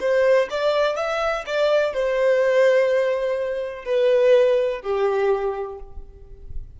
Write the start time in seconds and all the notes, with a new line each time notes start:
0.00 C5
0.50 D5
0.96 E5
1.46 D5
1.93 C5
3.84 B4
4.82 G4